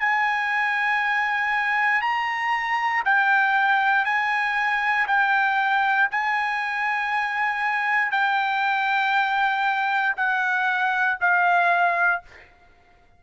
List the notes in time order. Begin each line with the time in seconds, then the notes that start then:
0.00 G#5
2.02 A#5
3.05 G5
4.05 G#5
5.08 G5
6.11 G#5
8.12 G5
10.16 F#5
11.20 F5